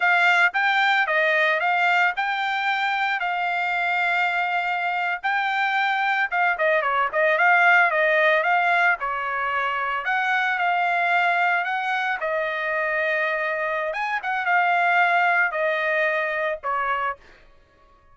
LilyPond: \new Staff \with { instrumentName = "trumpet" } { \time 4/4 \tempo 4 = 112 f''4 g''4 dis''4 f''4 | g''2 f''2~ | f''4.~ f''16 g''2 f''16~ | f''16 dis''8 cis''8 dis''8 f''4 dis''4 f''16~ |
f''8. cis''2 fis''4 f''16~ | f''4.~ f''16 fis''4 dis''4~ dis''16~ | dis''2 gis''8 fis''8 f''4~ | f''4 dis''2 cis''4 | }